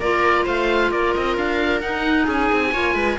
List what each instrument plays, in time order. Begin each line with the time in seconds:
0.00 cello A#3, clarinet F4, viola A#4, oboe D5
0.45 cello A3, viola C5, oboe F5
0.91 cello A#3, viola A#4, oboe D5
1.15 cello C4, oboe D#5
1.37 cello D4, oboe F5
1.81 cello D#4, clarinet D#4, oboe F#5
2.24 cello C#4, viola G#4, oboe G#5
2.53 cello C4
2.73 cello A#3, clarinet F4, viola C#5
2.95 cello G#3, viola B4